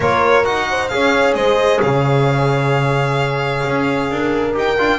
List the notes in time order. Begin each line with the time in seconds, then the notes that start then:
0.00 A#3 F4 A#4 C#5
0.44 D#4 F#4 F#5
0.70 C5
0.88 C#4 G#4 C#5 F5
1.34 G#3 C5 D#5
1.80 C#3 C#5 F5
3.66 C#4
4.10 D4 A#4
4.53 D#4 G4 G5
4.78 D4 F4